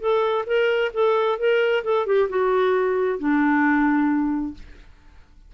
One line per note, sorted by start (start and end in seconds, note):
0.00 0.45 A4
0.47 0.92 A#4
0.94 1.39 A4
1.39 1.84 A#4
1.84 2.06 A4
2.06 2.29 G4
2.29 3.19 F#4
3.19 4.54 D4